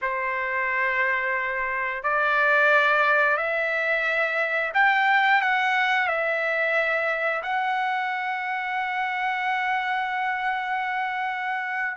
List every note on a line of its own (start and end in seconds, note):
0.01 2.03 C5
2.03 3.37 D5
3.37 4.72 E5
4.74 5.41 G5
5.41 6.07 F#5
6.07 7.42 E5
7.42 11.96 F#5